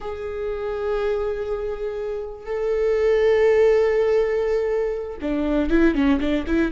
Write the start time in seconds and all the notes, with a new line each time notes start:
0.00 G#4
2.45 A4
5.21 D4
5.70 E4
5.95 C#4
6.20 D4
6.46 E4